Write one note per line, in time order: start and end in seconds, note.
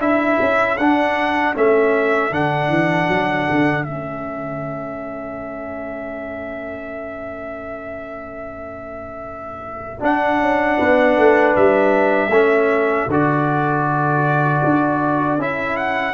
0.00 0.38 D4
0.00 0.78 E4
0.00 10.77 A4
0.00 0.78 E5
0.41 0.79 C#4
0.78 1.56 D4
0.78 1.55 D4
0.78 1.55 F#5
1.55 2.31 A3
1.55 2.31 C#4
1.55 2.34 E5
2.31 2.69 D3
2.31 3.85 D4
2.31 3.84 F#5
2.69 3.08 E3
3.09 3.47 F#3
3.50 3.87 D3
3.84 10.03 A3
3.84 10.00 C#4
3.84 10.00 E5
10.00 12.31 D4
10.00 10.40 D4
10.00 11.57 F#5
10.40 10.78 C#4
10.78 11.18 B3
10.78 12.32 B4
11.18 11.56 A3
11.57 12.29 G3
11.57 13.11 E5
12.29 13.06 A3
12.29 13.10 C#4
12.29 16.14 A4
13.08 14.62 D3
13.08 15.40 F#4
13.08 15.42 D5
14.65 15.38 D4
15.38 16.14 C#4
15.38 16.14 E4
15.38 15.77 E5
15.77 16.14 F#5